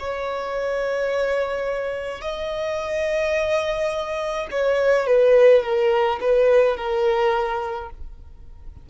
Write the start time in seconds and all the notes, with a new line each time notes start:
0.00 C#5
2.21 D#5
4.51 C#5
5.07 B4
5.63 A#4
6.21 B4
6.77 A#4